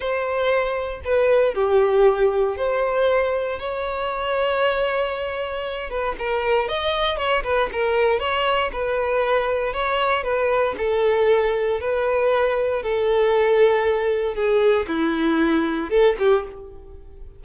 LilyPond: \new Staff \with { instrumentName = "violin" } { \time 4/4 \tempo 4 = 117 c''2 b'4 g'4~ | g'4 c''2 cis''4~ | cis''2.~ cis''8 b'8 | ais'4 dis''4 cis''8 b'8 ais'4 |
cis''4 b'2 cis''4 | b'4 a'2 b'4~ | b'4 a'2. | gis'4 e'2 a'8 g'8 | }